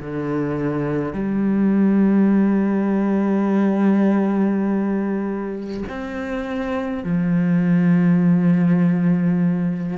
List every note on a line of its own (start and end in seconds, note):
0.00 1.12 D3
1.12 5.83 G3
5.89 7.03 C4
7.03 9.97 F3